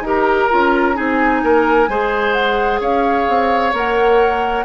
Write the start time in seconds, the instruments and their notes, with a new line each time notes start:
0.00 bassoon D#4, clarinet G4, oboe A#4, flute A#5
0.50 bassoon C#4, clarinet F4
0.94 bassoon C4, clarinet D#4, oboe G#4, flute G#5
1.43 bassoon A#3, oboe A#4
1.88 bassoon G#3, clarinet G#4, oboe C5
2.33 flute F#5
2.80 bassoon C#4, oboe C#5, flute F5
3.28 bassoon C4
3.72 bassoon A#3, clarinet A#4, flute F#5